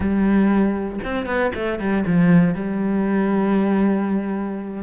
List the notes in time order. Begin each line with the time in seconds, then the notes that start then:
0.00 G3
1.04 C4
1.26 B3
1.54 A3
1.79 G3
2.06 F3
2.54 G3